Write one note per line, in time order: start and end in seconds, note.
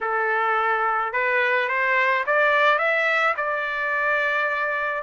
0.00 1.12 A4
1.12 1.68 B4
1.68 2.24 C5
2.26 2.78 D5
2.78 3.34 E5
3.36 5.02 D5